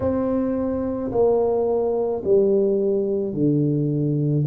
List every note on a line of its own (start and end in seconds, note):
0.00 1.11 C4
1.11 2.22 A#3
2.24 3.33 G3
3.33 4.44 D3